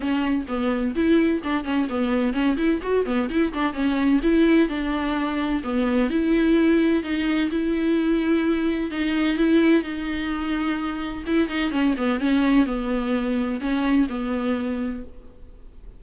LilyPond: \new Staff \with { instrumentName = "viola" } { \time 4/4 \tempo 4 = 128 cis'4 b4 e'4 d'8 cis'8 | b4 cis'8 e'8 fis'8 b8 e'8 d'8 | cis'4 e'4 d'2 | b4 e'2 dis'4 |
e'2. dis'4 | e'4 dis'2. | e'8 dis'8 cis'8 b8 cis'4 b4~ | b4 cis'4 b2 | }